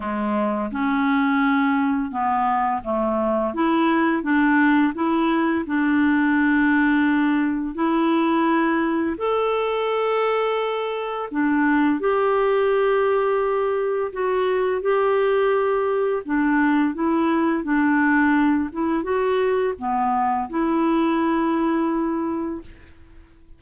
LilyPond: \new Staff \with { instrumentName = "clarinet" } { \time 4/4 \tempo 4 = 85 gis4 cis'2 b4 | a4 e'4 d'4 e'4 | d'2. e'4~ | e'4 a'2. |
d'4 g'2. | fis'4 g'2 d'4 | e'4 d'4. e'8 fis'4 | b4 e'2. | }